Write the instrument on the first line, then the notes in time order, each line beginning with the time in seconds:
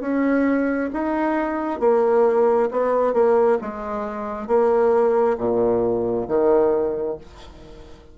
bassoon
0.00 C#4
0.92 D#4
1.80 A#3
2.71 B3
3.13 A#3
3.61 G#3
4.47 A#3
5.38 A#2
6.27 D#3